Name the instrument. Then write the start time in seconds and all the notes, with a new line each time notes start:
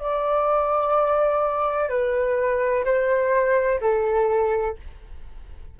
flute
0.00 D5
1.89 B4
2.85 C5
3.81 A4